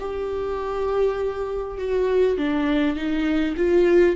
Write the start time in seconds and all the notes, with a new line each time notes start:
0.00 G4
1.78 F#4
2.38 D4
2.96 D#4
3.57 F4